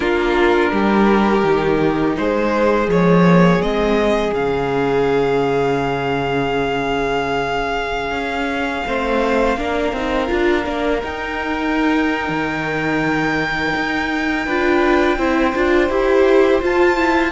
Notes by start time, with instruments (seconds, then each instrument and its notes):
0.00 cello A#3, viola D4, violin F4 A#4
0.72 cello G3, violin G4
1.43 cello D#3, viola D#4
2.17 cello G#3, violin G#4 C5
2.86 cello F3, viola G#3, violin C#5
3.26 viola A#3
3.61 cello G#3, viola C4, violin D#5
4.32 cello C#3, viola C#4, violin F5
8.10 cello C#4
8.86 cello A3, viola C4, violin C5
9.56 cello A#3, viola D4, violin A#4
9.92 cello C4, viola D#4
10.27 cello D4, viola F4
10.65 cello A#3, viola D4
11.02 cello D#4, viola D#4, violin G5
12.28 cello D#3
13.76 cello D#4
14.45 cello D4, viola F4, violin B4
15.17 cello C4, viola E4, violin C5
15.55 cello D4, viola F4
15.89 cello E4, viola G4
16.61 viola F4, cello F4, violin A5
16.96 viola E4